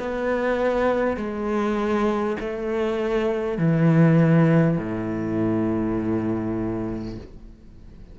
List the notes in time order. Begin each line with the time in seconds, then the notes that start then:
0.00 B3
1.17 G#3
2.41 A3
3.58 E3
4.78 A2